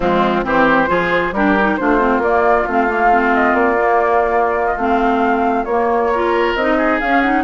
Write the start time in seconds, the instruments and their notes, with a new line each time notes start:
0.00 bassoon F3, clarinet G#3, oboe C4, flute F4
0.43 bassoon E3, clarinet C4, oboe G4, flute C5
0.87 bassoon F3, clarinet F4, oboe G#4
1.32 bassoon G3, clarinet D4, oboe G4, flute A#4
1.59 clarinet D#4
1.76 bassoon A3, clarinet D4, oboe F4, flute C5
1.99 clarinet C4
2.18 bassoon A#3, clarinet A#3, flute D5
2.67 bassoon A3, clarinet C4, flute F5
2.88 clarinet A#3
3.11 clarinet C4
3.34 flute D#5
3.53 bassoon A#3, flute D5
3.77 clarinet A#3
4.66 flute D#5
4.76 bassoon A3, clarinet C4, flute F5
5.64 bassoon A#3, clarinet A#3, flute C#5
6.11 clarinet F4, oboe A#4
6.55 bassoon C4, clarinet D#4, flute D#5
6.77 oboe G#4
7.00 clarinet C#4, bassoon C#4, flute F5
7.21 clarinet D#4, flute F#5